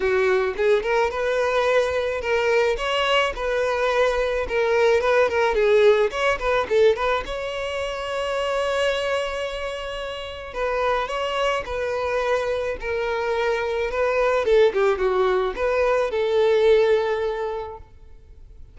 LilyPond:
\new Staff \with { instrumentName = "violin" } { \time 4/4 \tempo 4 = 108 fis'4 gis'8 ais'8 b'2 | ais'4 cis''4 b'2 | ais'4 b'8 ais'8 gis'4 cis''8 b'8 | a'8 b'8 cis''2.~ |
cis''2. b'4 | cis''4 b'2 ais'4~ | ais'4 b'4 a'8 g'8 fis'4 | b'4 a'2. | }